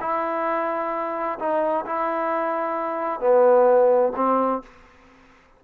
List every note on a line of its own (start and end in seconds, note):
0.00 1.38 E4
1.39 1.85 D#4
1.86 3.20 E4
3.20 4.12 B3
4.16 4.62 C4